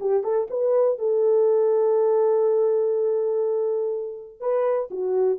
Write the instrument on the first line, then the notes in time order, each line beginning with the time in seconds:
horn
0.00 G4
0.23 A4
0.50 B4
0.99 A4
4.40 B4
4.91 F#4